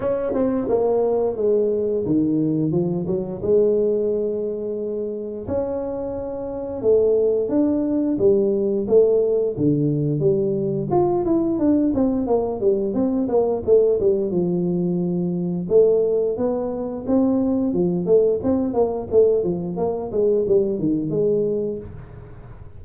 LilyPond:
\new Staff \with { instrumentName = "tuba" } { \time 4/4 \tempo 4 = 88 cis'8 c'8 ais4 gis4 dis4 | f8 fis8 gis2. | cis'2 a4 d'4 | g4 a4 d4 g4 |
f'8 e'8 d'8 c'8 ais8 g8 c'8 ais8 | a8 g8 f2 a4 | b4 c'4 f8 a8 c'8 ais8 | a8 f8 ais8 gis8 g8 dis8 gis4 | }